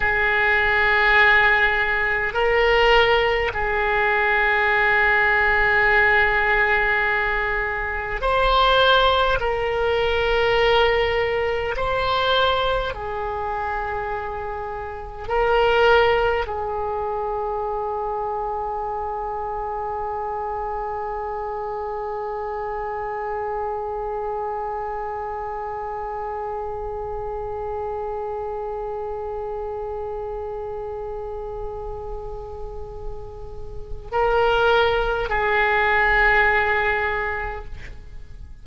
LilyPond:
\new Staff \with { instrumentName = "oboe" } { \time 4/4 \tempo 4 = 51 gis'2 ais'4 gis'4~ | gis'2. c''4 | ais'2 c''4 gis'4~ | gis'4 ais'4 gis'2~ |
gis'1~ | gis'1~ | gis'1~ | gis'4 ais'4 gis'2 | }